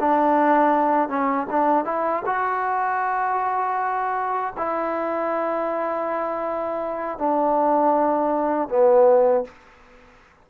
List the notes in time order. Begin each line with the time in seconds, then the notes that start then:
0.00 D4
1.09 C#4
1.50 D4
1.85 E4
2.26 F#4
4.57 E4
7.18 D4
8.69 B3